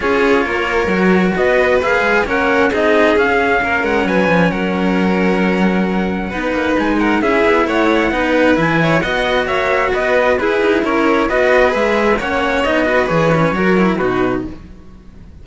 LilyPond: <<
  \new Staff \with { instrumentName = "trumpet" } { \time 4/4 \tempo 4 = 133 cis''2. dis''4 | f''4 fis''4 dis''4 f''4~ | f''8 fis''8 gis''4 fis''2~ | fis''2. gis''8 fis''8 |
e''4 fis''2 gis''4 | fis''4 e''4 dis''4 b'4 | cis''4 dis''4 e''4 fis''4 | dis''4 cis''2 b'4 | }
  \new Staff \with { instrumentName = "violin" } { \time 4/4 gis'4 ais'2 b'4~ | b'4 ais'4 gis'2 | ais'4 b'4 ais'2~ | ais'2 b'4. ais'8 |
gis'4 cis''4 b'4. cis''8 | dis''4 cis''4 b'4 gis'4 | ais'4 b'2 cis''4~ | cis''8 b'4. ais'4 fis'4 | }
  \new Staff \with { instrumentName = "cello" } { \time 4/4 f'2 fis'2 | gis'4 cis'4 dis'4 cis'4~ | cis'1~ | cis'2 dis'2 |
e'2 dis'4 e'4 | fis'2. e'4~ | e'4 fis'4 gis'4 cis'4 | dis'8 fis'8 gis'8 cis'8 fis'8 e'8 dis'4 | }
  \new Staff \with { instrumentName = "cello" } { \time 4/4 cis'4 ais4 fis4 b4 | ais8 gis8 ais4 c'4 cis'4 | ais8 gis8 fis8 f8 fis2~ | fis2 b8 ais8 gis4 |
cis'8 b8 a4 b4 e4 | b4 ais4 b4 e'8 dis'8 | cis'4 b4 gis4 ais4 | b4 e4 fis4 b,4 | }
>>